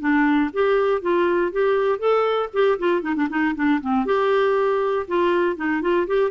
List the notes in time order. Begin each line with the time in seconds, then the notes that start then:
0.00 D4
0.53 G4
1.02 F4
1.52 G4
1.99 A4
2.53 G4
2.79 F4
3.02 D#4
3.16 D4
3.30 D#4
3.55 D4
3.81 C4
4.06 G4
5.08 F4
5.56 D#4
5.82 F4
6.07 G4